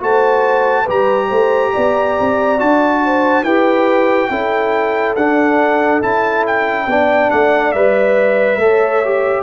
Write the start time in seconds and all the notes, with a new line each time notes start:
0.00 A3 F#4 C5 A5
0.83 G3 G4 B4
0.90 A#5
1.28 A3 C5
1.74 B3 D5
2.20 C4
2.59 D4 F#4 A5
3.04 C5
3.43 E4 G4 B4 G5
4.30 C#4 E4 A4
5.16 D4 F#5
6.02 C#4 E4 A5
6.47 G5
6.87 B3 D4 D5
7.31 A3 F#5
7.72 G3 B4 E5
8.57 A3 A4
8.63 C#5
9.05 G4